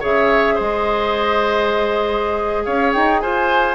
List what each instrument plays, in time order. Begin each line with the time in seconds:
0.00 bassoon C#3, clarinet G#4, oboe C#5, flute E5
0.55 bassoon G#3, oboe C5, flute D#5
2.65 bassoon C#4, oboe C#5, flute F5
2.93 bassoon D#4, flute G5
3.20 bassoon F4, oboe C5, flute G#5